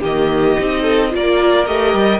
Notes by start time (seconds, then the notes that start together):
0.00 D#3 A#3 G4 D#5
0.58 C4 D#4
0.82 A4
1.10 A#3 F4 A#4 D5
1.66 A3 G4 D#5
1.94 G3